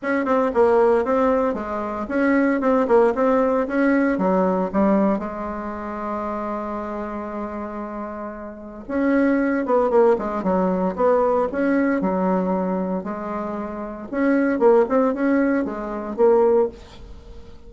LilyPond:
\new Staff \with { instrumentName = "bassoon" } { \time 4/4 \tempo 4 = 115 cis'8 c'8 ais4 c'4 gis4 | cis'4 c'8 ais8 c'4 cis'4 | fis4 g4 gis2~ | gis1~ |
gis4 cis'4. b8 ais8 gis8 | fis4 b4 cis'4 fis4~ | fis4 gis2 cis'4 | ais8 c'8 cis'4 gis4 ais4 | }